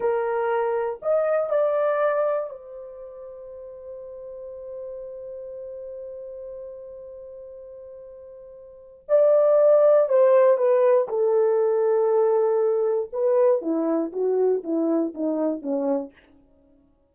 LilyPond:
\new Staff \with { instrumentName = "horn" } { \time 4/4 \tempo 4 = 119 ais'2 dis''4 d''4~ | d''4 c''2.~ | c''1~ | c''1~ |
c''2 d''2 | c''4 b'4 a'2~ | a'2 b'4 e'4 | fis'4 e'4 dis'4 cis'4 | }